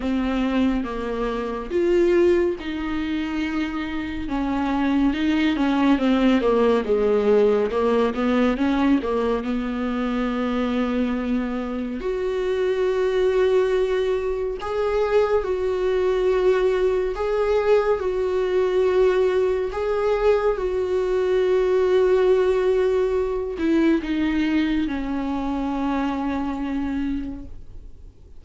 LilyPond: \new Staff \with { instrumentName = "viola" } { \time 4/4 \tempo 4 = 70 c'4 ais4 f'4 dis'4~ | dis'4 cis'4 dis'8 cis'8 c'8 ais8 | gis4 ais8 b8 cis'8 ais8 b4~ | b2 fis'2~ |
fis'4 gis'4 fis'2 | gis'4 fis'2 gis'4 | fis'2.~ fis'8 e'8 | dis'4 cis'2. | }